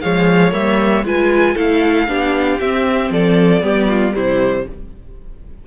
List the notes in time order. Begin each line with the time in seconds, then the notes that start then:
0.00 F3 G#3 C#5 F5
0.51 G3 A#3 E5
1.03 G#3 F4 B4 G#5
1.54 A3 E4 A4 F5
2.07 B3 D4 G4
2.59 C4 E5
3.10 F3 A4 D5
3.62 G3 B3 G4
3.88 F4
4.12 C3 G3 E4 C5